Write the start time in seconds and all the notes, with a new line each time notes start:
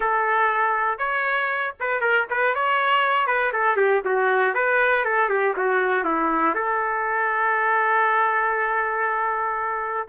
0.00 A4
0.98 C#5
1.79 B4
2.01 A#4
2.29 B4
2.54 C#5
3.27 B4
3.52 A4
3.76 G4
4.05 F#4
4.54 B4
5.04 A4
5.29 G4
5.56 F#4
6.04 E4
6.55 A4